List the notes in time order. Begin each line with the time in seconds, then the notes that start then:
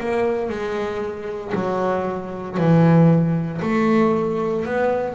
0.00 A#3
0.49 G#3
1.55 F#3
2.58 E3
3.62 A3
4.66 B3